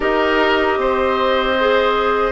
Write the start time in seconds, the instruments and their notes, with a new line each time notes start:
0.00 bassoon D#4, clarinet G4, oboe A#4, flute D#5
0.77 bassoon C4, oboe C5
1.59 clarinet G#4